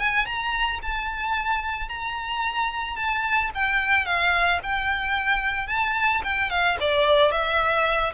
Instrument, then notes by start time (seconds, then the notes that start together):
violin
0.00 G#5
0.26 A#5
0.82 A5
1.89 A#5
2.96 A5
3.55 G5
4.06 F5
4.63 G5
5.67 A5
6.24 G5
6.50 F5
6.80 D5
7.31 E5